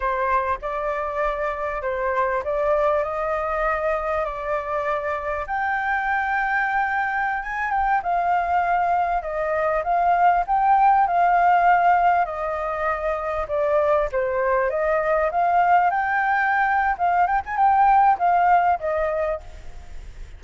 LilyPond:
\new Staff \with { instrumentName = "flute" } { \time 4/4 \tempo 4 = 99 c''4 d''2 c''4 | d''4 dis''2 d''4~ | d''4 g''2.~ | g''16 gis''8 g''8 f''2 dis''8.~ |
dis''16 f''4 g''4 f''4.~ f''16~ | f''16 dis''2 d''4 c''8.~ | c''16 dis''4 f''4 g''4.~ g''16 | f''8 g''16 gis''16 g''4 f''4 dis''4 | }